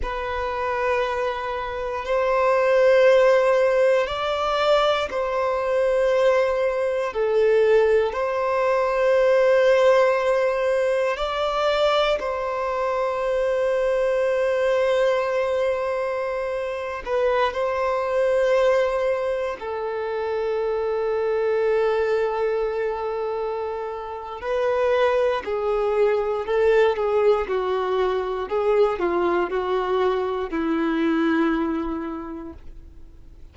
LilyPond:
\new Staff \with { instrumentName = "violin" } { \time 4/4 \tempo 4 = 59 b'2 c''2 | d''4 c''2 a'4 | c''2. d''4 | c''1~ |
c''8. b'8 c''2 a'8.~ | a'1 | b'4 gis'4 a'8 gis'8 fis'4 | gis'8 f'8 fis'4 e'2 | }